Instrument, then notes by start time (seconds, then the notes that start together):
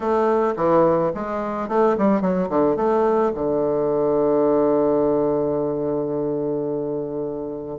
bassoon
0.00 A3
0.56 E3
1.14 G#3
1.68 A3
1.97 G3
2.21 F#3
2.49 D3
2.76 A3
3.34 D3